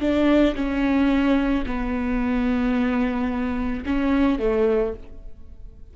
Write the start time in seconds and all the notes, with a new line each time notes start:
0.00 D4
0.55 C#4
1.66 B3
3.85 C#4
4.38 A3